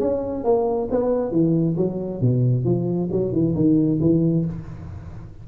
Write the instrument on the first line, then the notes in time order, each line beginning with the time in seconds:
tuba
0.00 C#4
0.44 A#3
0.91 B3
1.32 E3
1.77 F#3
2.21 B2
2.65 F3
3.12 F#3
3.33 E3
3.55 D#3
4.01 E3